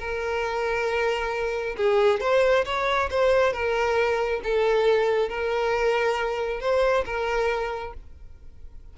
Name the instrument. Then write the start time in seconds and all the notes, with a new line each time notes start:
violin
0.00 A#4
1.77 G#4
2.21 C5
2.66 C#5
3.11 C5
3.53 A#4
4.44 A4
5.29 A#4
6.61 C5
7.06 A#4